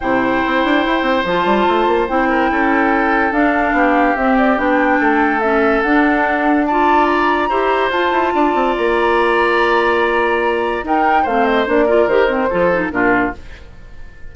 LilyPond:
<<
  \new Staff \with { instrumentName = "flute" } { \time 4/4 \tempo 4 = 144 g''2. a''4~ | a''4 g''2. | f''2 e''8 d''8 g''4~ | g''4 e''4 fis''2 |
a''4 ais''2 a''4~ | a''4 ais''2.~ | ais''2 g''4 f''8 dis''8 | d''4 c''2 ais'4 | }
  \new Staff \with { instrumentName = "oboe" } { \time 4/4 c''1~ | c''4. ais'8 a'2~ | a'4 g'2. | a'1 |
d''2 c''2 | d''1~ | d''2 ais'4 c''4~ | c''8 ais'4. a'4 f'4 | }
  \new Staff \with { instrumentName = "clarinet" } { \time 4/4 e'2. f'4~ | f'4 e'2. | d'2 c'4 d'4~ | d'4 cis'4 d'2 |
f'2 g'4 f'4~ | f'1~ | f'2 dis'4 c'4 | d'8 f'8 g'8 c'8 f'8 dis'8 d'4 | }
  \new Staff \with { instrumentName = "bassoon" } { \time 4/4 c4 c'8 d'8 e'8 c'8 f8 g8 | a8 ais8 c'4 cis'2 | d'4 b4 c'4 b4 | a2 d'2~ |
d'2 e'4 f'8 e'8 | d'8 c'8 ais2.~ | ais2 dis'4 a4 | ais4 dis4 f4 ais,4 | }
>>